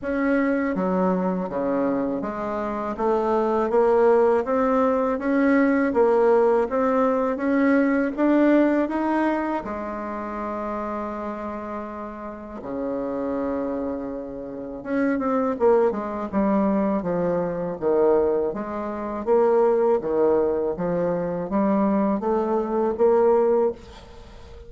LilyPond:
\new Staff \with { instrumentName = "bassoon" } { \time 4/4 \tempo 4 = 81 cis'4 fis4 cis4 gis4 | a4 ais4 c'4 cis'4 | ais4 c'4 cis'4 d'4 | dis'4 gis2.~ |
gis4 cis2. | cis'8 c'8 ais8 gis8 g4 f4 | dis4 gis4 ais4 dis4 | f4 g4 a4 ais4 | }